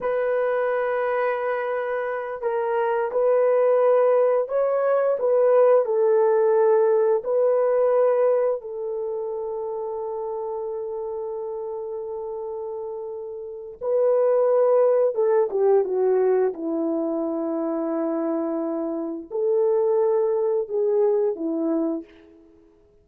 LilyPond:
\new Staff \with { instrumentName = "horn" } { \time 4/4 \tempo 4 = 87 b'2.~ b'8 ais'8~ | ais'8 b'2 cis''4 b'8~ | b'8 a'2 b'4.~ | b'8 a'2.~ a'8~ |
a'1 | b'2 a'8 g'8 fis'4 | e'1 | a'2 gis'4 e'4 | }